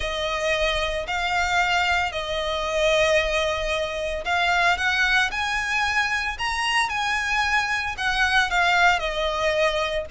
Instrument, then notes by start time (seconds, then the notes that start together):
violin
0.00 D#5
1.07 F5
2.11 D#5
4.25 F5
4.77 F#5
5.31 G#5
6.38 A#5
6.89 G#5
7.97 F#5
8.50 F5
8.99 D#5